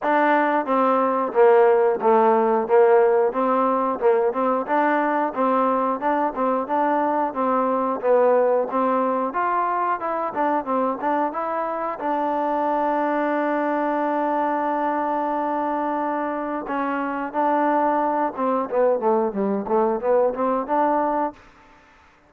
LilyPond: \new Staff \with { instrumentName = "trombone" } { \time 4/4 \tempo 4 = 90 d'4 c'4 ais4 a4 | ais4 c'4 ais8 c'8 d'4 | c'4 d'8 c'8 d'4 c'4 | b4 c'4 f'4 e'8 d'8 |
c'8 d'8 e'4 d'2~ | d'1~ | d'4 cis'4 d'4. c'8 | b8 a8 g8 a8 b8 c'8 d'4 | }